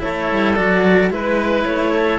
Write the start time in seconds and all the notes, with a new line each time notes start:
0.00 A3 E4 A4 C#5
0.32 G3
0.55 F#3 F#4 D5
1.10 G#3 E4 B4
1.65 A3 C#5
1.94 A4